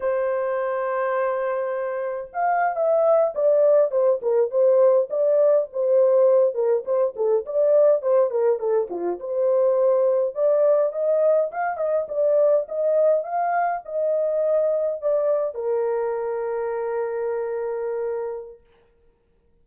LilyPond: \new Staff \with { instrumentName = "horn" } { \time 4/4 \tempo 4 = 103 c''1 | f''8. e''4 d''4 c''8 ais'8 c''16~ | c''8. d''4 c''4. ais'8 c''16~ | c''16 a'8 d''4 c''8 ais'8 a'8 f'8 c''16~ |
c''4.~ c''16 d''4 dis''4 f''16~ | f''16 dis''8 d''4 dis''4 f''4 dis''16~ | dis''4.~ dis''16 d''4 ais'4~ ais'16~ | ais'1 | }